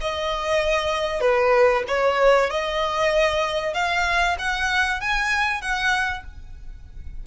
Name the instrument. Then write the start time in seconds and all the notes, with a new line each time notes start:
violin
0.00 D#5
1.20 B4
1.88 C#5
2.50 D#5
3.74 F5
4.38 F#5
5.00 G#5
5.61 F#5